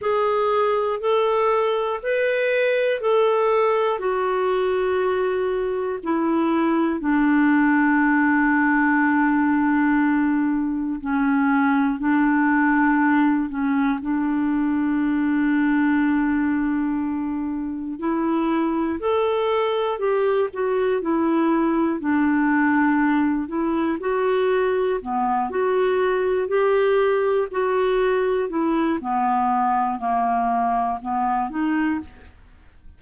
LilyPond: \new Staff \with { instrumentName = "clarinet" } { \time 4/4 \tempo 4 = 60 gis'4 a'4 b'4 a'4 | fis'2 e'4 d'4~ | d'2. cis'4 | d'4. cis'8 d'2~ |
d'2 e'4 a'4 | g'8 fis'8 e'4 d'4. e'8 | fis'4 b8 fis'4 g'4 fis'8~ | fis'8 e'8 b4 ais4 b8 dis'8 | }